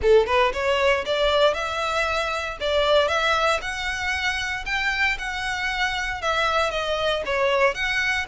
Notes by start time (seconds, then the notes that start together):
0.02 A4
0.26 B4
0.53 C#5
1.05 D5
1.54 E5
2.60 D5
3.08 E5
3.61 F#5
4.65 G5
5.18 F#5
6.21 E5
6.71 D#5
7.25 C#5
7.74 F#5